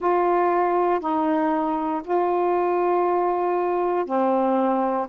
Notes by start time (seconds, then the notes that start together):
0.00 F4
1.00 D#4
2.04 F4
4.05 C4